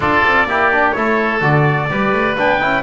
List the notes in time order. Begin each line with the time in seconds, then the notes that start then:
0.00 D4 F4 A4 D5
0.24 C4
0.45 A#3 E4 G4
0.72 D4
0.91 A3 E4 A4 C#5
1.41 D3 F#4 D5
1.89 G3 G4 B4
2.13 A3
2.37 B3 D4 G5
2.59 C#4 E4